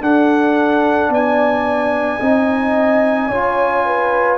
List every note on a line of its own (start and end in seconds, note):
0.00 1.09 D4
0.00 2.20 D4
0.00 1.11 A4
0.00 1.12 F#5
1.09 2.18 B3
1.09 2.20 D5
1.09 4.37 G#5
2.20 3.30 C4
2.20 3.30 D#4
2.20 3.28 D#5
3.28 4.37 C#4
3.28 4.37 F4
3.28 3.83 C#5
3.85 4.37 B4